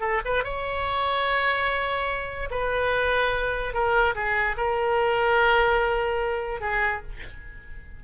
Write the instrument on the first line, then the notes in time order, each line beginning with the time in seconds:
oboe
0.00 A4
0.25 B4
0.44 C#5
2.50 B4
3.73 A#4
4.15 G#4
4.57 A#4
6.60 G#4